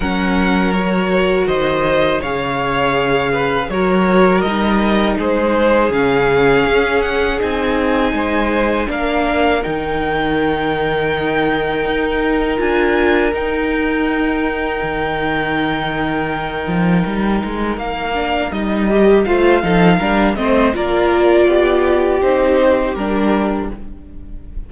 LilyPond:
<<
  \new Staff \with { instrumentName = "violin" } { \time 4/4 \tempo 4 = 81 fis''4 cis''4 dis''4 f''4~ | f''4 cis''4 dis''4 c''4 | f''4. fis''8 gis''2 | f''4 g''2.~ |
g''4 gis''4 g''2~ | g''1 | f''4 dis''4 f''4. dis''8 | d''2 c''4 ais'4 | }
  \new Staff \with { instrumentName = "violin" } { \time 4/4 ais'2 c''4 cis''4~ | cis''8 b'8 ais'2 gis'4~ | gis'2. c''4 | ais'1~ |
ais'1~ | ais'1~ | ais'2 c''8 a'8 ais'8 c''8 | ais'4 g'2. | }
  \new Staff \with { instrumentName = "viola" } { \time 4/4 cis'4 fis'2 gis'4~ | gis'4 fis'4 dis'2 | cis'2 dis'2 | d'4 dis'2.~ |
dis'4 f'4 dis'2~ | dis'1~ | dis'8 d'8 dis'8 g'8 f'8 dis'8 d'8 c'8 | f'2 dis'4 d'4 | }
  \new Staff \with { instrumentName = "cello" } { \time 4/4 fis2 dis4 cis4~ | cis4 fis4 g4 gis4 | cis4 cis'4 c'4 gis4 | ais4 dis2. |
dis'4 d'4 dis'2 | dis2~ dis8 f8 g8 gis8 | ais4 g4 a8 f8 g8 a8 | ais4 b4 c'4 g4 | }
>>